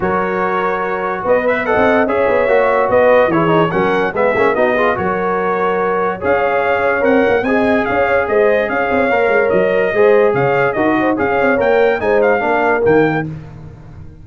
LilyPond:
<<
  \new Staff \with { instrumentName = "trumpet" } { \time 4/4 \tempo 4 = 145 cis''2. dis''8 e''8 | fis''4 e''2 dis''4 | cis''4 fis''4 e''4 dis''4 | cis''2. f''4~ |
f''4 fis''4 gis''4 f''4 | dis''4 f''2 dis''4~ | dis''4 f''4 dis''4 f''4 | g''4 gis''8 f''4. g''4 | }
  \new Staff \with { instrumentName = "horn" } { \time 4/4 ais'2. b'4 | dis''4 cis''2 b'4 | gis'4 ais'4 gis'4 fis'8 gis'8 | ais'2. cis''4~ |
cis''2 dis''4 cis''4 | c''4 cis''2. | c''4 cis''4 ais'8 c''8 cis''4~ | cis''4 c''4 ais'2 | }
  \new Staff \with { instrumentName = "trombone" } { \time 4/4 fis'2.~ fis'8 b'8 | a'4 gis'4 fis'2 | e'8 dis'8 cis'4 b8 cis'8 dis'8 f'8 | fis'2. gis'4~ |
gis'4 ais'4 gis'2~ | gis'2 ais'2 | gis'2 fis'4 gis'4 | ais'4 dis'4 d'4 ais4 | }
  \new Staff \with { instrumentName = "tuba" } { \time 4/4 fis2. b4~ | b16 c'8. cis'8 b8 ais4 b4 | e4 fis4 gis8 ais8 b4 | fis2. cis'4~ |
cis'4 c'8 ais8 c'4 cis'4 | gis4 cis'8 c'8 ais8 gis8 fis4 | gis4 cis4 dis'4 cis'8 c'8 | ais4 gis4 ais4 dis4 | }
>>